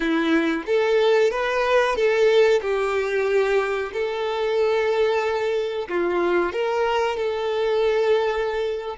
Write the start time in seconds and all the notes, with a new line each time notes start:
0.00 E4
0.66 A4
1.31 B4
1.95 A4
2.61 G4
3.92 A4
5.88 F4
6.52 A#4
7.17 A4